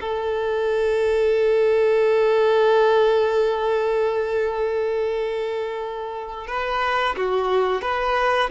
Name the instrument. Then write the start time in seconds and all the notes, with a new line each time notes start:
violin
0.00 A4
6.47 B4
7.16 F#4
7.81 B4